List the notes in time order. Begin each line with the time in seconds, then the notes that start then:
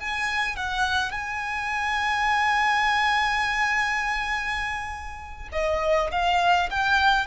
0.00 G#5
0.57 F#5
1.12 G#5
5.53 D#5
6.12 F5
6.70 G5